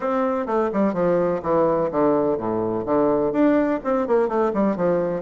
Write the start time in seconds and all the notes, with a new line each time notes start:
0.00 C4
0.46 A3
0.72 G3
0.93 F3
1.42 E3
1.91 D3
2.37 A2
2.85 D3
3.32 D4
3.83 C4
4.07 A#3
4.28 A3
4.53 G3
4.76 F3